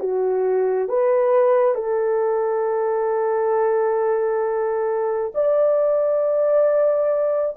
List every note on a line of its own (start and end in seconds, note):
0.00 0.89 F#4
0.89 1.75 B4
1.75 5.33 A4
5.35 7.57 D5